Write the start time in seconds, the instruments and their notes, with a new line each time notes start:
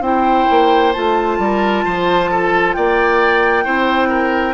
0.00 bassoon C4, clarinet E4, oboe C5, flute G5
0.50 bassoon A#3
0.92 bassoon A3, clarinet F4, flute A5
1.38 bassoon G3, oboe A#4
1.84 bassoon F3, oboe C5
2.30 oboe A4
2.73 bassoon A#3, oboe D5, flute G5
3.64 bassoon C4, clarinet E4, oboe C5
4.09 oboe A#4